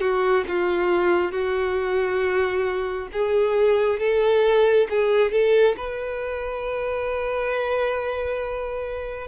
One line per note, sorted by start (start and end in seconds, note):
0.00 0.44 F#4
0.48 1.32 F4
1.32 3.08 F#4
3.12 3.99 G#4
3.99 4.87 A4
4.90 5.31 G#4
5.31 5.76 A4
5.77 9.27 B4